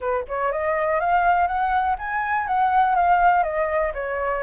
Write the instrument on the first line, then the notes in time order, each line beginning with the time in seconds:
flute
0.00 B4
0.27 C#5
0.52 D#5
0.99 F5
1.47 F#5
1.98 G#5
2.47 F#5
2.95 F5
3.43 D#5
3.94 C#5